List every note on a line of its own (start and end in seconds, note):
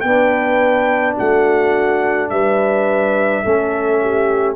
0.00 1.17 B3
0.00 3.44 D4
0.00 1.15 B4
0.00 1.13 G5
1.15 2.30 A3
1.15 2.28 F#4
1.15 2.29 F#5
2.29 3.44 G3
2.29 3.44 B4
2.29 4.56 E5
3.44 4.56 A3
3.44 4.56 C#4
3.44 4.00 A4
4.01 4.56 G4